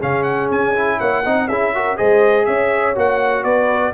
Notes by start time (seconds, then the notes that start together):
0.00 C#3 C#4 G#4 F5
0.23 F#5
0.51 C#4 G#5
0.76 E4
0.99 A#3 C#5 F#5
1.25 C4 D#4 D#5
1.48 C#4 E4 G#4 E5
1.75 F#4 A#4
1.97 G#3 G#4 C5 D#5
2.46 C#4 C#5 E5
2.96 A#3 F#4 F#5
3.44 B3 B4 D5